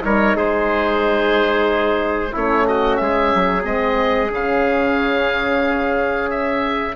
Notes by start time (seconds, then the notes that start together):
0.00 G3 D#4 A#4 C#5
0.36 G#3 G#4 C5
2.33 A3 C#4 E4 C#5
2.68 F#4 D#5
2.97 G#3 G#4 E5
3.34 F#3
3.63 G#3 C4 D#5
4.30 C#3 C#4 F5
6.31 E5